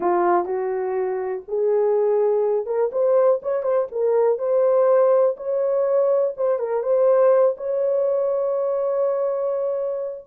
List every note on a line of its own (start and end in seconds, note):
0.00 0.45 F4
0.45 1.43 F#4
1.48 2.66 G#4
2.66 2.90 A#4
2.92 3.40 C5
3.42 3.62 C#5
3.62 3.87 C5
3.91 4.38 A#4
4.38 5.36 C5
5.36 6.34 C#5
6.37 6.59 C5
6.59 6.82 A#4
6.82 7.55 C5
7.57 10.25 C#5